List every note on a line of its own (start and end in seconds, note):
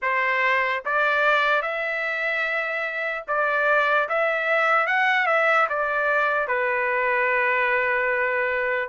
0.02 0.83 C5
0.85 1.62 D5
1.62 3.24 E5
3.27 4.08 D5
4.08 4.86 E5
4.86 5.26 F#5
5.26 5.67 E5
5.69 6.47 D5
6.47 8.89 B4